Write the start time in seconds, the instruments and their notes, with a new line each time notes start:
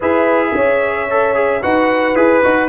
0.00 tuba E4, trombone G#4, horn B4, trumpet E5
0.54 tuba C#4, horn C#5
1.10 trombone A4
1.34 trombone G#4
1.61 tuba D#4, trombone F#4, horn B4, trumpet F#5
2.15 tuba E4, trombone G#4, trumpet B4
2.43 tuba D#4, trombone F#4